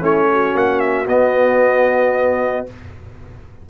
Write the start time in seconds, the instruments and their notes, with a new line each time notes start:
0.00 tuba A3, trombone C#4, horn E4, trumpet C#5
0.32 horn F#4
0.54 tuba A#3, trumpet F#5
0.80 trumpet E5
1.06 tuba B3, trombone B3, trumpet D#5